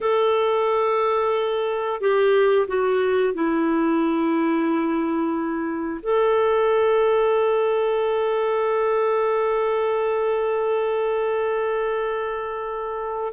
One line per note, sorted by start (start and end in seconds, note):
0.00 2.00 A4
2.00 2.67 G4
2.67 3.34 F#4
3.34 6.00 E4
6.02 13.33 A4